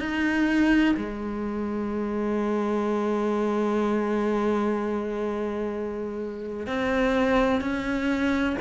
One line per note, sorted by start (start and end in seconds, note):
0.00 0.95 D#4
0.97 6.67 G#3
6.67 7.61 C4
7.61 8.56 C#4